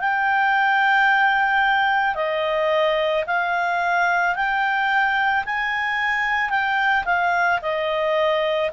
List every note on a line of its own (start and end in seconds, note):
0.00 2.16 G5
2.16 3.25 D#5
3.27 4.36 F5
4.36 5.45 G5
5.46 6.51 G#5
6.51 7.05 G5
7.06 7.60 F5
7.62 8.71 D#5